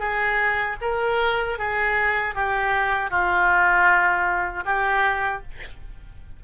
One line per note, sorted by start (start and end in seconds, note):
0.00 0.77 G#4
0.82 1.59 A#4
1.59 2.35 G#4
2.35 3.10 G4
3.10 4.64 F4
4.66 5.43 G4